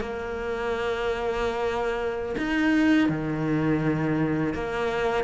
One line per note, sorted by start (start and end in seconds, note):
0.00 2.35 A#3
2.38 3.09 D#4
3.09 4.53 D#3
4.53 5.24 A#3